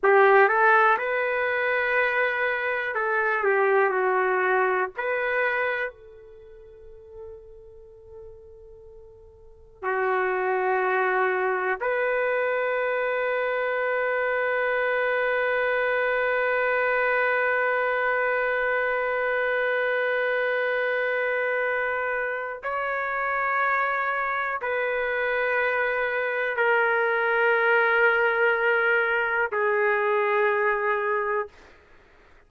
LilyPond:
\new Staff \with { instrumentName = "trumpet" } { \time 4/4 \tempo 4 = 61 g'8 a'8 b'2 a'8 g'8 | fis'4 b'4 a'2~ | a'2 fis'2 | b'1~ |
b'1~ | b'2. cis''4~ | cis''4 b'2 ais'4~ | ais'2 gis'2 | }